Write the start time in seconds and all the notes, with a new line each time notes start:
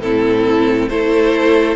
0.00 A2 C4 E4 A4
0.89 A3 E4 A4 C5